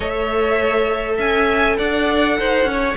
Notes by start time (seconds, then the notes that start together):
0.00 A3 A4 C#5 E5
1.16 C#4 E5 G#5
1.77 D4 D5 F#5
2.39 D#4 C5
2.64 C#4 C#5